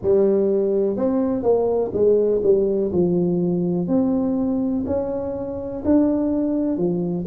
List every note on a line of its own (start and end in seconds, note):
0.02 0.96 G3
0.96 1.43 C4
1.43 1.91 A#3
1.93 2.41 G#3
2.43 2.91 G3
2.92 3.87 F3
3.87 4.84 C4
4.86 5.83 C#4
5.84 6.77 D4
6.77 7.25 F3